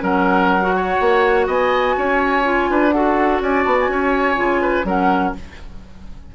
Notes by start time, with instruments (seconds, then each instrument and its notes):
0.00 bassoon F#3, clarinet C#4, oboe A#4, flute F#5
0.61 clarinet F#4
0.76 oboe C#5
1.00 bassoon A#3
1.47 bassoon B3, oboe D#5, flute G#5
1.98 bassoon C#4, oboe C#5
2.44 clarinet F4
2.70 bassoon D4, oboe B4
2.91 clarinet F#4, oboe A4, flute F#5
3.41 bassoon C#4, oboe D5, flute G#5
3.65 bassoon B3, flute A5
3.80 flute G#5
3.88 bassoon C#4, oboe C#5
4.36 bassoon C#3, clarinet F4
4.62 oboe B4
4.84 bassoon F#3, clarinet C#4, oboe A#4, flute F#5